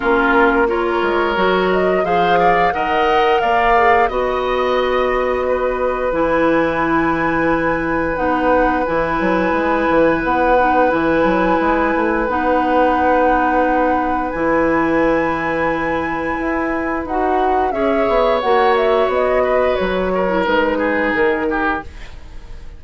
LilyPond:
<<
  \new Staff \with { instrumentName = "flute" } { \time 4/4 \tempo 4 = 88 ais'4 cis''4. dis''8 f''4 | fis''4 f''4 dis''2~ | dis''4 gis''2. | fis''4 gis''2 fis''4 |
gis''2 fis''2~ | fis''4 gis''2.~ | gis''4 fis''4 e''4 fis''8 e''8 | dis''4 cis''4 b'4 ais'4 | }
  \new Staff \with { instrumentName = "oboe" } { \time 4/4 f'4 ais'2 c''8 d''8 | dis''4 d''4 dis''2 | b'1~ | b'1~ |
b'1~ | b'1~ | b'2 cis''2~ | cis''8 b'4 ais'4 gis'4 g'8 | }
  \new Staff \with { instrumentName = "clarinet" } { \time 4/4 cis'4 f'4 fis'4 gis'4 | ais'4. gis'8 fis'2~ | fis'4 e'2. | dis'4 e'2~ e'8 dis'8 |
e'2 dis'2~ | dis'4 e'2.~ | e'4 fis'4 gis'4 fis'4~ | fis'4.~ fis'16 e'16 dis'2 | }
  \new Staff \with { instrumentName = "bassoon" } { \time 4/4 ais4. gis8 fis4 f4 | dis4 ais4 b2~ | b4 e2. | b4 e8 fis8 gis8 e8 b4 |
e8 fis8 gis8 a8 b2~ | b4 e2. | e'4 dis'4 cis'8 b8 ais4 | b4 fis4 gis4 dis4 | }
>>